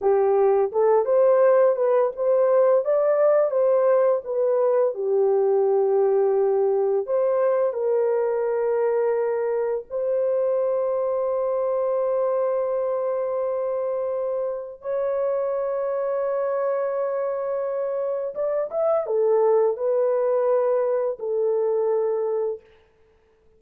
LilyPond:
\new Staff \with { instrumentName = "horn" } { \time 4/4 \tempo 4 = 85 g'4 a'8 c''4 b'8 c''4 | d''4 c''4 b'4 g'4~ | g'2 c''4 ais'4~ | ais'2 c''2~ |
c''1~ | c''4 cis''2.~ | cis''2 d''8 e''8 a'4 | b'2 a'2 | }